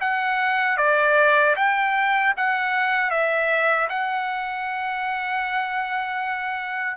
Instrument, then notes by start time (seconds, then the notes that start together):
trumpet
0.00 F#5
0.77 D5
1.56 G5
2.36 F#5
3.10 E5
3.89 F#5